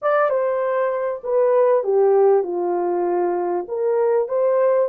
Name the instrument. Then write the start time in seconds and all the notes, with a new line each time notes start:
horn
0.02 D5
0.29 C5
1.23 B4
1.83 G4
2.43 F4
3.68 A#4
4.28 C5